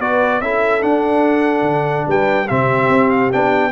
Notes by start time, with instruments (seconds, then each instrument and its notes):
0.00 tuba B3, trombone F#4, horn B4, trumpet D5
0.41 tuba C#4, trombone E4, horn A4, trumpet E5
0.81 trombone D4, tuba D4, trumpet F#5
1.61 tuba D3
2.07 tuba G3, horn B4, trumpet G5
2.46 tuba C3, trombone C4, horn G4, trumpet E5
2.88 tuba C4
3.10 trumpet F5
3.32 tuba B3, trombone D4, trumpet G5